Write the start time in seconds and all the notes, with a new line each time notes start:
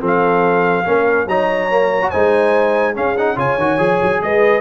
0.00 F3 C4 A4
0.06 F5
0.85 A#3 C#4 A#4
1.26 F#3 D#4 C#5 A#5
1.70 A#3
2.01 F#4
2.10 G#3 D#4 C5 G#5
2.94 C#4 G#4 F5
3.17 D#4 F#5
3.35 C#3 F4 C#5 G#5
3.57 D#3 F#4
3.78 F3 G#4
4.02 F#3
4.22 G#3 B4 D#5